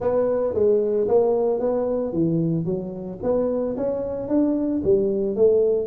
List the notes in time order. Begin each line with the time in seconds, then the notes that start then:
0.00 B3
0.54 G#3
1.08 A#3
1.59 B3
2.12 E3
2.65 F#3
3.23 B3
3.76 C#4
4.28 D4
4.84 G3
5.35 A3